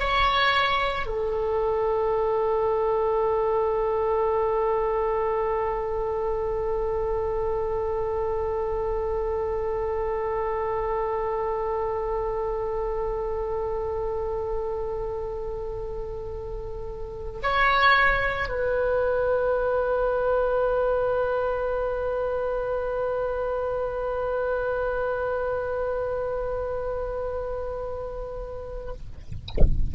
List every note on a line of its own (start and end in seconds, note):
0.00 1.07 C#5
1.07 17.41 A4
17.43 18.49 C#5
18.49 28.93 B4